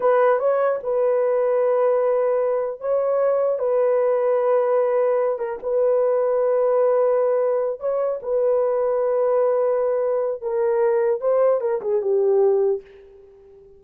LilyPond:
\new Staff \with { instrumentName = "horn" } { \time 4/4 \tempo 4 = 150 b'4 cis''4 b'2~ | b'2. cis''4~ | cis''4 b'2.~ | b'4. ais'8 b'2~ |
b'2.~ b'8 cis''8~ | cis''8 b'2.~ b'8~ | b'2 ais'2 | c''4 ais'8 gis'8 g'2 | }